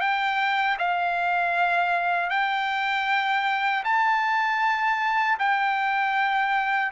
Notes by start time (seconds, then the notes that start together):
0.00 G5
0.79 F5
2.30 G5
3.84 A5
5.39 G5